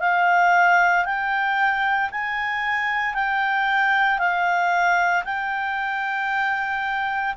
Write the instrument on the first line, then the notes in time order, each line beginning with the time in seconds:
clarinet
0.00 F5
1.05 G5
2.11 G#5
3.14 G5
4.19 F5
5.25 G5